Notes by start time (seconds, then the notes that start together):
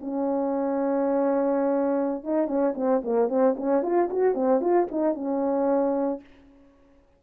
0.00 C#4
2.23 D#4
2.47 C#4
2.75 C4
3.04 A#3
3.28 C4
3.56 C#4
3.82 F4
4.10 F#4
4.34 C4
4.60 F4
4.91 D#4
5.14 C#4